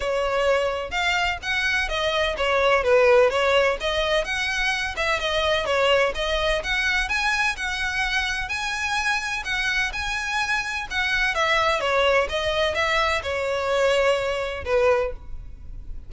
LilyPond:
\new Staff \with { instrumentName = "violin" } { \time 4/4 \tempo 4 = 127 cis''2 f''4 fis''4 | dis''4 cis''4 b'4 cis''4 | dis''4 fis''4. e''8 dis''4 | cis''4 dis''4 fis''4 gis''4 |
fis''2 gis''2 | fis''4 gis''2 fis''4 | e''4 cis''4 dis''4 e''4 | cis''2. b'4 | }